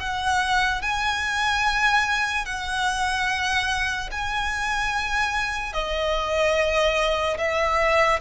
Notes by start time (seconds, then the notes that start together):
0.00 F#5
0.82 G#5
2.45 F#5
4.11 G#5
5.73 D#5
7.37 E5